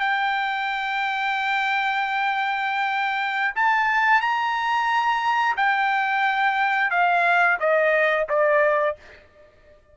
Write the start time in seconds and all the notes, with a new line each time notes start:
0.00 G5
3.55 A5
4.21 A#5
5.56 G5
6.91 F5
7.60 D#5
8.29 D5